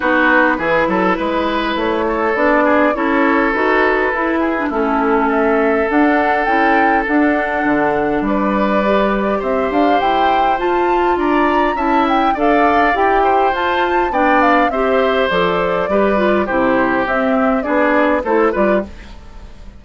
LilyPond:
<<
  \new Staff \with { instrumentName = "flute" } { \time 4/4 \tempo 4 = 102 b'2. cis''4 | d''4 cis''4 b'2 | a'4 e''4 fis''4 g''4 | fis''2 d''2 |
e''8 f''8 g''4 a''4 ais''4 | a''8 g''8 f''4 g''4 a''4 | g''8 f''8 e''4 d''2 | c''4 e''4 d''4 c''8 d''8 | }
  \new Staff \with { instrumentName = "oboe" } { \time 4/4 fis'4 gis'8 a'8 b'4. a'8~ | a'8 gis'8 a'2~ a'8 gis'8 | e'4 a'2.~ | a'2 b'2 |
c''2. d''4 | e''4 d''4. c''4. | d''4 c''2 b'4 | g'2 gis'4 a'8 b'8 | }
  \new Staff \with { instrumentName = "clarinet" } { \time 4/4 dis'4 e'2. | d'4 e'4 fis'4 e'8. d'16 | cis'2 d'4 e'4 | d'2. g'4~ |
g'2 f'2 | e'4 a'4 g'4 f'4 | d'4 g'4 a'4 g'8 f'8 | e'4 c'4 d'4 e'8 f'8 | }
  \new Staff \with { instrumentName = "bassoon" } { \time 4/4 b4 e8 fis8 gis4 a4 | b4 cis'4 dis'4 e'4 | a2 d'4 cis'4 | d'4 d4 g2 |
c'8 d'8 e'4 f'4 d'4 | cis'4 d'4 e'4 f'4 | b4 c'4 f4 g4 | c4 c'4 b4 a8 g8 | }
>>